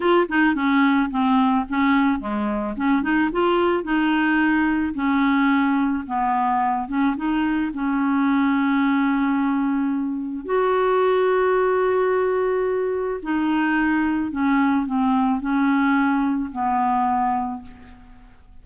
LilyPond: \new Staff \with { instrumentName = "clarinet" } { \time 4/4 \tempo 4 = 109 f'8 dis'8 cis'4 c'4 cis'4 | gis4 cis'8 dis'8 f'4 dis'4~ | dis'4 cis'2 b4~ | b8 cis'8 dis'4 cis'2~ |
cis'2. fis'4~ | fis'1 | dis'2 cis'4 c'4 | cis'2 b2 | }